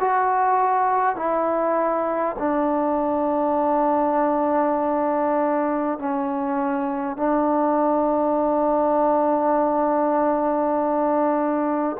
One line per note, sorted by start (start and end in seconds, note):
0.00 1.16 F#4
1.16 2.36 E4
2.39 5.99 D4
5.99 7.17 C#4
7.17 11.97 D4